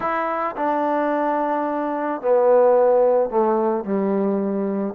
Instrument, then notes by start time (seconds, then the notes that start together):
trombone
0.00 E4
0.56 D4
2.21 B3
3.30 A3
3.84 G3